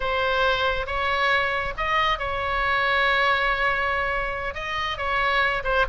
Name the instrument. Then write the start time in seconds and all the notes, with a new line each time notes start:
oboe
0.00 C5
0.86 C#5
1.77 D#5
2.18 C#5
4.54 D#5
4.97 C#5
5.64 C5